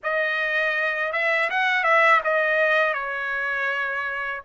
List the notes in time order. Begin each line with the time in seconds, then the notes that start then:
0.03 D#5
1.12 E5
1.50 F#5
1.83 E5
2.24 D#5
2.93 C#5